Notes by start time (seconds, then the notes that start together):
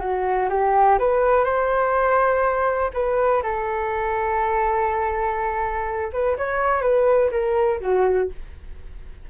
0.00 F#4
0.50 G4
0.99 B4
1.45 C5
2.94 B4
3.43 A4
6.13 B4
6.38 C#5
6.82 B4
7.31 A#4
7.80 F#4